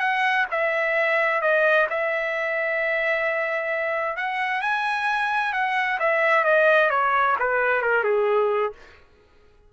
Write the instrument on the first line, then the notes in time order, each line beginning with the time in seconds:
trumpet
0.00 F#5
0.51 E5
1.41 D#5
1.90 E5
4.17 F#5
4.61 G#5
5.53 F#5
6.00 E5
6.44 D#5
6.90 C#5
7.40 B4
7.82 A#4
8.04 G#4